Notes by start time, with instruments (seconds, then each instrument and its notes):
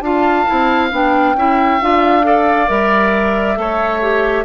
0.00 bassoon D4, clarinet F4, oboe F5, flute A5
0.46 bassoon C4, clarinet E4
0.91 bassoon B3, clarinet D4, flute G5
1.35 bassoon C#4, clarinet E4, oboe E5
1.81 bassoon D4, clarinet F4, flute F5
2.23 clarinet A4, oboe D5
2.67 bassoon G3, clarinet A#4, flute E5
3.56 bassoon A3, clarinet A4, oboe C#5
4.02 clarinet G4